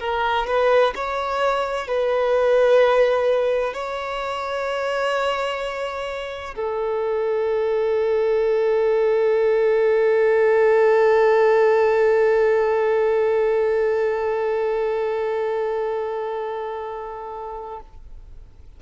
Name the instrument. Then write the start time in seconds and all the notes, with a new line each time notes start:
violin
0.00 A#4
0.47 B4
0.95 C#5
1.88 B4
3.74 C#5
6.56 A4